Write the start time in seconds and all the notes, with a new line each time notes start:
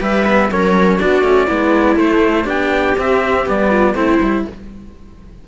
0.00 G3 G4 B4 E5
0.26 B3
0.51 F#3 C#4 A#4 C#5
1.00 B3 D4 F#4 D5
1.22 A3 C#4
1.48 G#3 B3 E4
1.97 A3 C5
2.45 B3 D4 G4 G5
2.98 C4 E5
3.46 G3 B3 D5
3.70 F4
3.94 A3 C4 E4 C5
4.20 G3 E4